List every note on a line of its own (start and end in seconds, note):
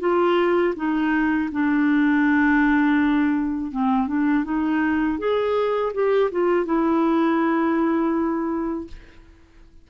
0.00 0.74 F4
0.76 1.50 D#4
1.52 3.71 D4
3.71 4.07 C4
4.07 4.44 D4
4.44 5.19 D#4
5.19 5.93 G#4
5.94 6.31 G4
6.31 6.65 F4
6.65 8.88 E4